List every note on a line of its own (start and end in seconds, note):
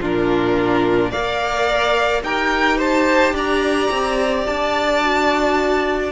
0.00 1.11 A#2
0.00 1.12 D4
0.00 1.10 F4
0.00 1.12 A#4
1.10 2.23 A#3
1.10 2.24 A#4
1.10 2.22 D5
1.10 2.23 F5
2.23 3.33 D#4
2.23 5.01 G4
2.23 2.78 A#4
2.23 2.79 G5
2.78 3.33 C5
2.78 3.36 A5
3.33 3.89 D4
3.33 6.12 D5
3.33 4.47 A#5
3.91 4.47 C4
4.47 6.12 D4
4.47 6.12 A5
5.01 6.12 F#4